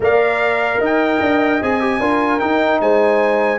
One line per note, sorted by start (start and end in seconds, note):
0.00 0.79 A#3
0.00 1.60 A#4
0.00 0.81 D5
0.00 0.83 F5
0.80 1.20 D#4
0.80 2.00 D#5
0.80 1.62 G5
1.21 1.61 D4
1.61 1.99 C4
1.61 1.80 G#4
1.61 2.39 G#5
1.80 2.00 G4
1.99 2.39 D4
1.99 2.40 F4
1.99 2.80 A#4
2.39 3.58 D#4
2.39 2.80 D#4
2.39 2.79 G5
2.80 3.58 G#3
2.80 3.58 C5
2.80 3.58 G#5